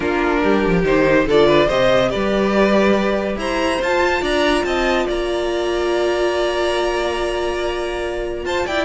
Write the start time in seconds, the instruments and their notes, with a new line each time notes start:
0.00 cello A#3, viola D4, violin F4 A#4
0.43 cello G3, violin G4
0.66 cello F3
0.83 cello D#3, viola D#4, violin C5
1.26 cello D3, viola F4, violin A4 D5
1.47 violin B4
1.67 cello C3, viola G4, violin C5 D#5
2.10 cello G3, violin B4 D5
3.36 cello E4, violin C5 A#5
3.81 cello F4, viola F4, violin A5
4.21 cello D4, violin D5 A#5
4.64 cello C4, violin D#5 A5
5.06 cello A#3, violin D5 A#5
8.45 cello F4, violin C5 A5
8.66 cello E4, violin D5 G5